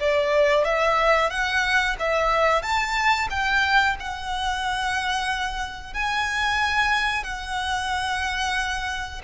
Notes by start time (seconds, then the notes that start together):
0.00 D5
0.65 E5
1.30 F#5
1.99 E5
2.62 A5
3.30 G5
4.00 F#5
5.94 G#5
7.24 F#5